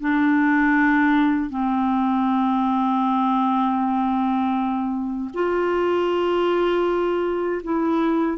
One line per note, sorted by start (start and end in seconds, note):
0.00 1.50 D4
1.50 5.30 C4
5.34 7.62 F4
7.63 8.38 E4